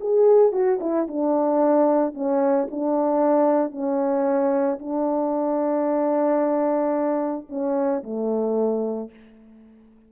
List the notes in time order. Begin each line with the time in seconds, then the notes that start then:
0.00 G#4
0.52 F#4
0.80 E4
1.08 D4
2.14 C#4
2.71 D4
3.71 C#4
4.79 D4
7.49 C#4
8.03 A3